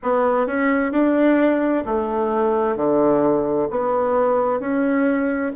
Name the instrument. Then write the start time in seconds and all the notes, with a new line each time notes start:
bassoon
0.03 B3
0.46 C#4
0.91 D4
1.85 A3
2.76 D3
3.70 B3
4.59 C#4